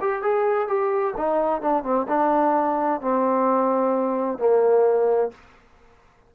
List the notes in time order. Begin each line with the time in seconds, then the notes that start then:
0.00 G4
0.22 G#4
0.67 G4
1.17 D#4
1.61 D4
1.83 C4
2.08 D4
3.01 C4
4.38 A#3